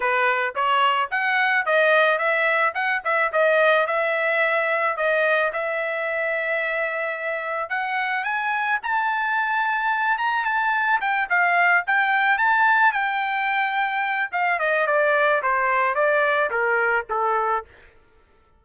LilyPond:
\new Staff \with { instrumentName = "trumpet" } { \time 4/4 \tempo 4 = 109 b'4 cis''4 fis''4 dis''4 | e''4 fis''8 e''8 dis''4 e''4~ | e''4 dis''4 e''2~ | e''2 fis''4 gis''4 |
a''2~ a''8 ais''8 a''4 | g''8 f''4 g''4 a''4 g''8~ | g''2 f''8 dis''8 d''4 | c''4 d''4 ais'4 a'4 | }